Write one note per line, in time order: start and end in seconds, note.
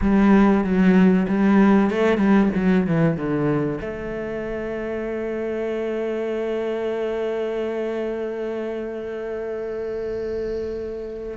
0.01 0.63 G3
0.63 1.27 F#3
1.27 1.90 G3
1.90 2.17 A3
2.17 2.49 G3
2.55 2.86 F#3
2.86 3.16 E3
3.16 3.80 D3
3.80 11.37 A3